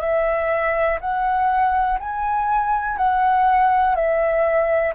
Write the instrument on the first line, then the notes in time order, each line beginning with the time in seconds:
flute
0.00 E5
1.00 F#5
1.99 G#5
2.97 F#5
3.95 E5